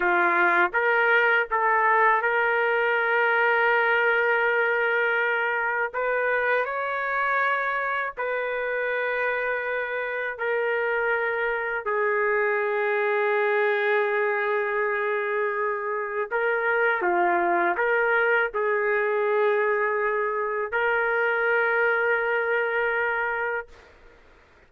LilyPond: \new Staff \with { instrumentName = "trumpet" } { \time 4/4 \tempo 4 = 81 f'4 ais'4 a'4 ais'4~ | ais'1 | b'4 cis''2 b'4~ | b'2 ais'2 |
gis'1~ | gis'2 ais'4 f'4 | ais'4 gis'2. | ais'1 | }